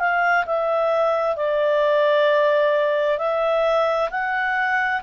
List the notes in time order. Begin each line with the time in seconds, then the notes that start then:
0.00 F5
0.46 E5
1.37 D5
3.19 E5
4.11 F#5